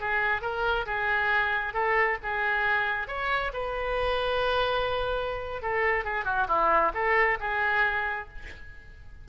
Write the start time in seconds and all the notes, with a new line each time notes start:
0.00 G#4
0.42 A#4
0.86 G#4
1.73 A4
2.23 G#4
3.08 C#5
3.53 B4
5.62 A4
6.04 G#4
6.25 F#4
6.48 E4
6.94 A4
7.40 G#4